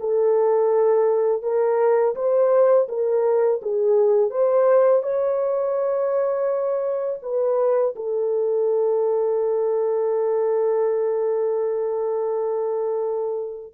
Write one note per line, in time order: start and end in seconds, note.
0.00 1.42 A4
1.42 2.15 A#4
2.15 2.88 C5
2.88 3.61 A#4
3.62 4.30 G#4
4.30 5.02 C5
5.02 7.19 C#5
7.23 7.95 B4
7.96 13.73 A4